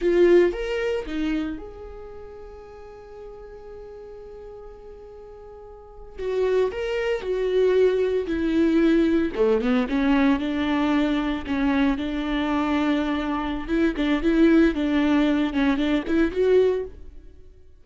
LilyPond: \new Staff \with { instrumentName = "viola" } { \time 4/4 \tempo 4 = 114 f'4 ais'4 dis'4 gis'4~ | gis'1~ | gis'2.~ gis'8. fis'16~ | fis'8. ais'4 fis'2 e'16~ |
e'4.~ e'16 a8 b8 cis'4 d'16~ | d'4.~ d'16 cis'4 d'4~ d'16~ | d'2 e'8 d'8 e'4 | d'4. cis'8 d'8 e'8 fis'4 | }